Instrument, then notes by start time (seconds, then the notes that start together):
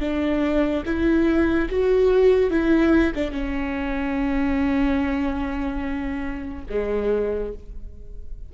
viola
0.00 D4
0.85 E4
1.69 F#4
2.50 E4
3.14 D4
3.31 C#4
6.69 G#3